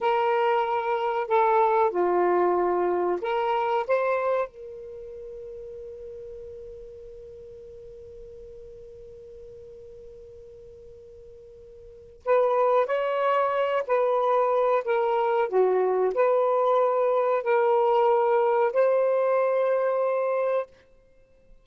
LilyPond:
\new Staff \with { instrumentName = "saxophone" } { \time 4/4 \tempo 4 = 93 ais'2 a'4 f'4~ | f'4 ais'4 c''4 ais'4~ | ais'1~ | ais'1~ |
ais'2. b'4 | cis''4. b'4. ais'4 | fis'4 b'2 ais'4~ | ais'4 c''2. | }